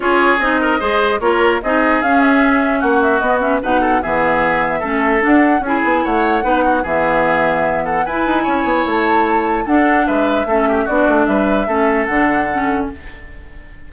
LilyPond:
<<
  \new Staff \with { instrumentName = "flute" } { \time 4/4 \tempo 4 = 149 cis''4 dis''2 cis''4 | dis''4 f''8 e''4. fis''8 e''8 | dis''8 e''8 fis''4 e''2~ | e''4 fis''4 gis''4 fis''4~ |
fis''4 e''2~ e''8 fis''8 | gis''2 a''2 | fis''4 e''2 d''4 | e''2 fis''2 | }
  \new Staff \with { instrumentName = "oboe" } { \time 4/4 gis'4. ais'8 c''4 ais'4 | gis'2. fis'4~ | fis'4 b'8 a'8 gis'2 | a'2 gis'4 cis''4 |
b'8 fis'8 gis'2~ gis'8 a'8 | b'4 cis''2. | a'4 b'4 a'8 g'8 fis'4 | b'4 a'2. | }
  \new Staff \with { instrumentName = "clarinet" } { \time 4/4 f'4 dis'4 gis'4 f'4 | dis'4 cis'2. | b8 cis'8 dis'4 b2 | cis'4 d'4 e'2 |
dis'4 b2. | e'1 | d'2 cis'4 d'4~ | d'4 cis'4 d'4 cis'4 | }
  \new Staff \with { instrumentName = "bassoon" } { \time 4/4 cis'4 c'4 gis4 ais4 | c'4 cis'2 ais4 | b4 b,4 e2 | a4 d'4 cis'8 b8 a4 |
b4 e2. | e'8 dis'8 cis'8 b8 a2 | d'4 gis4 a4 b8 a8 | g4 a4 d2 | }
>>